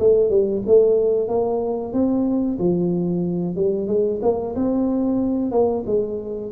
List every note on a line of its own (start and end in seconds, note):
0.00 0.30 A3
0.30 0.63 G3
0.67 1.29 A3
1.29 1.94 A#3
1.94 2.59 C4
2.59 3.56 F3
3.56 3.88 G3
3.88 4.21 G#3
4.23 4.55 A#3
4.56 5.52 C4
5.52 5.84 A#3
5.87 6.52 G#3